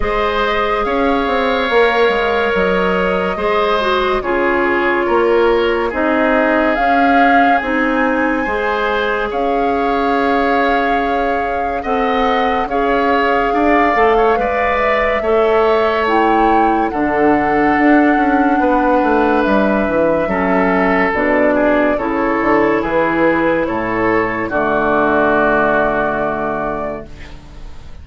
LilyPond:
<<
  \new Staff \with { instrumentName = "flute" } { \time 4/4 \tempo 4 = 71 dis''4 f''2 dis''4~ | dis''4 cis''2 dis''4 | f''4 gis''2 f''4~ | f''2 fis''4 f''4~ |
f''4. e''4. g''4 | fis''2. e''4~ | e''4 d''4 cis''4 b'4 | cis''4 d''2. | }
  \new Staff \with { instrumentName = "oboe" } { \time 4/4 c''4 cis''2. | c''4 gis'4 ais'4 gis'4~ | gis'2 c''4 cis''4~ | cis''2 dis''4 cis''4 |
d''8. cis''16 d''4 cis''2 | a'2 b'2 | a'4. gis'8 a'4 gis'4 | a'4 fis'2. | }
  \new Staff \with { instrumentName = "clarinet" } { \time 4/4 gis'2 ais'2 | gis'8 fis'8 f'2 dis'4 | cis'4 dis'4 gis'2~ | gis'2 a'4 gis'4~ |
gis'8 a'8 b'4 a'4 e'4 | d'1 | cis'4 d'4 e'2~ | e'4 a2. | }
  \new Staff \with { instrumentName = "bassoon" } { \time 4/4 gis4 cis'8 c'8 ais8 gis8 fis4 | gis4 cis4 ais4 c'4 | cis'4 c'4 gis4 cis'4~ | cis'2 c'4 cis'4 |
d'8 a8 gis4 a2 | d4 d'8 cis'8 b8 a8 g8 e8 | fis4 b,4 cis8 d8 e4 | a,4 d2. | }
>>